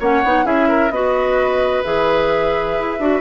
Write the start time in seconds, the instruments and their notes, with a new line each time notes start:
0.00 bassoon A#3, clarinet C#4, oboe C#5, flute F#5
0.24 bassoon B3, clarinet D#4
0.44 bassoon C#4, clarinet E4, oboe G#4, flute E5
0.69 oboe A#4
0.91 bassoon B3, clarinet F#4, oboe B4, flute D#5
1.84 bassoon E3, clarinet G#4, flute E5
2.79 bassoon E4
3.00 bassoon D4, clarinet F#4